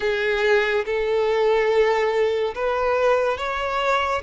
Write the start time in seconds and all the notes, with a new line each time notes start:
0.00 G#4
0.85 A4
2.55 B4
3.37 C#5